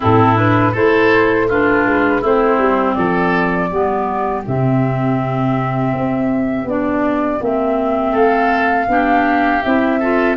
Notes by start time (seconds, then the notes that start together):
0.00 A2 C4 E4 A4
0.35 D4 B4
0.72 A3 E4 A4 C5
1.48 D4 F4 B4
1.85 G#3
2.21 A3 C4 E4 C5
2.58 G3
2.94 F3 A4 D5
3.69 G3 B3 G4
4.46 C3 C4 E5
5.93 C4
6.64 B3 D4 D5
7.40 A#3 C4 E5
8.11 A3 A4 F5
8.87 B3 D4 G4
9.62 C4 E4 E5
9.99 F4 A4